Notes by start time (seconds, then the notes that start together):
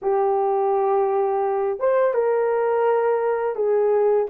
0.02 G4
1.79 C5
2.14 A#4
3.55 G#4